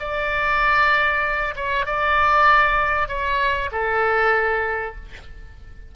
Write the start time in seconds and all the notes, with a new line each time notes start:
0.00 D5
1.56 C#5
1.86 D5
3.08 C#5
3.72 A4